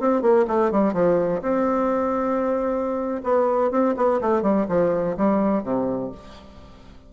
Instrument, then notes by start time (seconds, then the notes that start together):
bassoon
0.00 C4
0.22 A#3
0.48 A3
0.71 G3
0.94 F3
1.42 C4
3.24 B3
3.71 C4
3.97 B3
4.21 A3
4.42 G3
4.69 F3
5.17 G3
5.64 C3